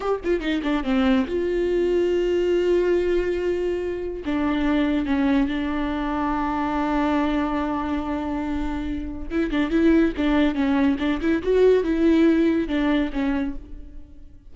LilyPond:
\new Staff \with { instrumentName = "viola" } { \time 4/4 \tempo 4 = 142 g'8 f'8 dis'8 d'8 c'4 f'4~ | f'1~ | f'2 d'2 | cis'4 d'2.~ |
d'1~ | d'2 e'8 d'8 e'4 | d'4 cis'4 d'8 e'8 fis'4 | e'2 d'4 cis'4 | }